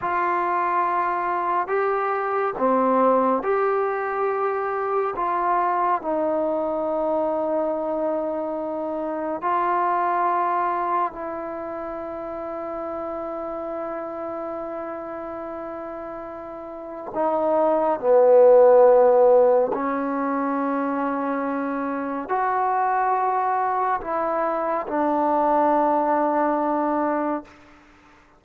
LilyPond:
\new Staff \with { instrumentName = "trombone" } { \time 4/4 \tempo 4 = 70 f'2 g'4 c'4 | g'2 f'4 dis'4~ | dis'2. f'4~ | f'4 e'2.~ |
e'1 | dis'4 b2 cis'4~ | cis'2 fis'2 | e'4 d'2. | }